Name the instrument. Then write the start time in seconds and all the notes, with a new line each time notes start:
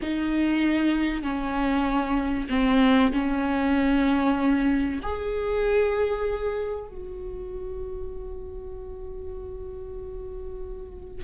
viola
0.02 D#4
1.22 C#4
2.49 C4
3.12 C#4
5.02 G#4
6.87 F#4